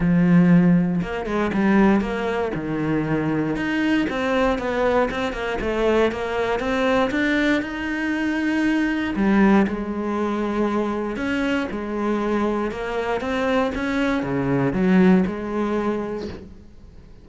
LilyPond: \new Staff \with { instrumentName = "cello" } { \time 4/4 \tempo 4 = 118 f2 ais8 gis8 g4 | ais4 dis2 dis'4 | c'4 b4 c'8 ais8 a4 | ais4 c'4 d'4 dis'4~ |
dis'2 g4 gis4~ | gis2 cis'4 gis4~ | gis4 ais4 c'4 cis'4 | cis4 fis4 gis2 | }